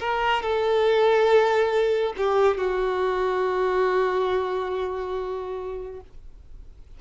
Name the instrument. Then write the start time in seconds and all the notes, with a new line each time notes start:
violin
0.00 A#4
0.42 A4
2.17 G4
2.58 F#4